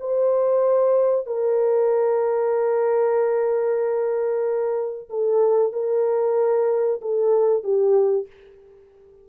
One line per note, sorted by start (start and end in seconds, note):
0.00 1.26 C5
1.26 5.09 A#4
5.09 5.73 A4
5.73 7.00 A#4
7.02 7.63 A4
7.63 8.27 G4